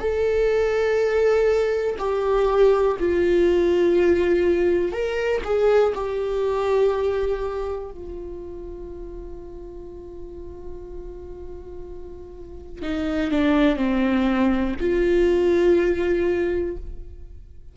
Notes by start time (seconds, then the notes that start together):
0.00 A4
1.99 G4
3.00 F4
4.93 A#4
5.45 G#4
5.95 G4
7.91 F4
12.82 D#4
13.31 D4
13.77 C4
14.80 F4